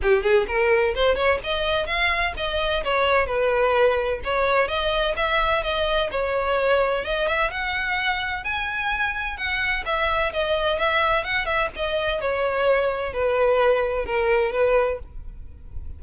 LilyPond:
\new Staff \with { instrumentName = "violin" } { \time 4/4 \tempo 4 = 128 g'8 gis'8 ais'4 c''8 cis''8 dis''4 | f''4 dis''4 cis''4 b'4~ | b'4 cis''4 dis''4 e''4 | dis''4 cis''2 dis''8 e''8 |
fis''2 gis''2 | fis''4 e''4 dis''4 e''4 | fis''8 e''8 dis''4 cis''2 | b'2 ais'4 b'4 | }